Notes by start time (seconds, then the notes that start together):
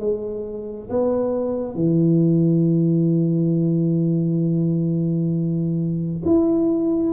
0.00 G#3
0.90 B3
1.75 E3
6.26 E4